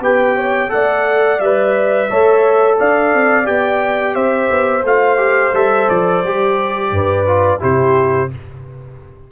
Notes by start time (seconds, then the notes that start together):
0.00 B3 G4 B4 G5
0.36 C#5
0.68 A3 A4 D5 F#5
1.40 G3 B4 E5
2.10 A3 A4 C#5
2.77 D4 D5 F5
3.13 C4
3.44 B3 G4 G5
4.15 C4 C5 E5
4.50 B3
4.83 A3 F4 F5
5.17 G4
5.53 G3 A4 E5
5.89 F3 D5
6.23 G3 G4
6.91 G2 B4
7.26 F4
7.59 C3 E4 G4 C5